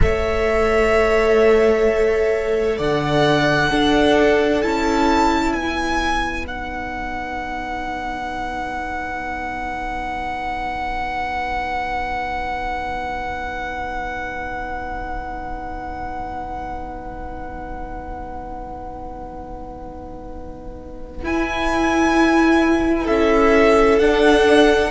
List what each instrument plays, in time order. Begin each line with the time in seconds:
0.00 cello A3, viola A4, violin C#5 E5
2.77 cello D3, violin D5 F#5
3.70 cello D4, viola D4, violin A4
4.62 cello C#4, viola E4, violin A5
5.52 cello B3, violin B4 G#5
6.44 viola D#4, violin F#5
21.22 viola E4, cello E4, violin G#5
23.03 cello C#4, violin A4 E5
23.98 viola D4, cello D4, violin F#5